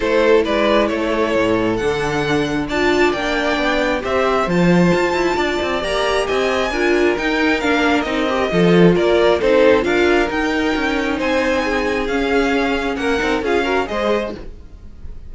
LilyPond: <<
  \new Staff \with { instrumentName = "violin" } { \time 4/4 \tempo 4 = 134 c''4 d''4 cis''2 | fis''2 a''4 g''4~ | g''4 e''4 a''2~ | a''4 ais''4 gis''2 |
g''4 f''4 dis''2 | d''4 c''4 f''4 g''4~ | g''4 gis''2 f''4~ | f''4 fis''4 f''4 dis''4 | }
  \new Staff \with { instrumentName = "violin" } { \time 4/4 a'4 b'4 a'2~ | a'2 d''2~ | d''4 c''2. | d''2 dis''4 ais'4~ |
ais'2. a'4 | ais'4 a'4 ais'2~ | ais'4 c''4 gis'2~ | gis'4 ais'4 gis'8 ais'8 c''4 | }
  \new Staff \with { instrumentName = "viola" } { \time 4/4 e'1 | d'2 f'4 d'4~ | d'4 g'4 f'2~ | f'4 g'2 f'4 |
dis'4 d'4 dis'8 g'8 f'4~ | f'4 dis'4 f'4 dis'4~ | dis'2. cis'4~ | cis'4. dis'8 f'8 fis'8 gis'4 | }
  \new Staff \with { instrumentName = "cello" } { \time 4/4 a4 gis4 a4 a,4 | d2 d'4 ais4 | b4 c'4 f4 f'8 e'8 | d'8 c'8 ais4 c'4 d'4 |
dis'4 ais4 c'4 f4 | ais4 c'4 d'4 dis'4 | cis'4 c'2 cis'4~ | cis'4 ais8 c'8 cis'4 gis4 | }
>>